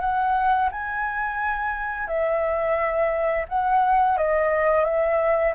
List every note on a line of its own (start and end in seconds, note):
0.00 0.69 F#5
0.71 2.07 G#5
2.07 3.45 E5
3.49 4.17 F#5
4.17 4.85 D#5
4.85 5.54 E5